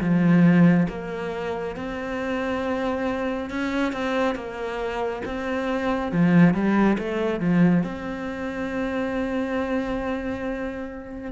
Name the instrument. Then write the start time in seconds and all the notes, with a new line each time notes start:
cello
0.00 F3
0.89 A#3
1.76 C4
3.50 C#4
3.92 C4
4.35 A#3
5.25 C4
6.11 F3
6.53 G3
6.98 A3
7.40 F3
7.83 C4